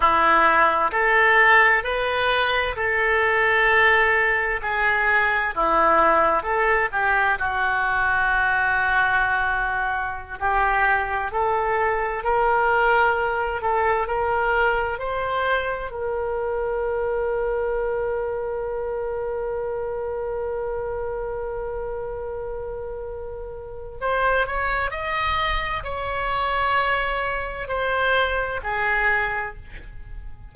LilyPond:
\new Staff \with { instrumentName = "oboe" } { \time 4/4 \tempo 4 = 65 e'4 a'4 b'4 a'4~ | a'4 gis'4 e'4 a'8 g'8 | fis'2.~ fis'16 g'8.~ | g'16 a'4 ais'4. a'8 ais'8.~ |
ais'16 c''4 ais'2~ ais'8.~ | ais'1~ | ais'2 c''8 cis''8 dis''4 | cis''2 c''4 gis'4 | }